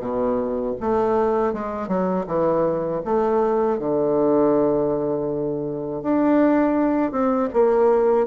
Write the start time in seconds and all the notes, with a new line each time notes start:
0.00 B2
0.80 A3
1.53 G#3
1.88 F#3
2.27 E3
3.05 A3
3.79 D3
6.02 D4
7.11 C4
7.53 A#3